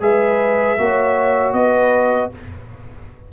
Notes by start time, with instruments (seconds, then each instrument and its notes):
0.00 tuba G#3, trombone G#4, horn B4, trumpet E5
0.78 tuba A#3, trombone F#4, horn C#5
1.53 tuba B3, horn B4, trumpet D#5